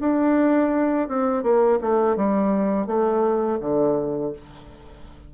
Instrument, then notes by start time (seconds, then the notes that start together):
bassoon
0.00 D4
1.08 C4
1.43 A#3
1.81 A3
2.16 G3
2.86 A3
3.60 D3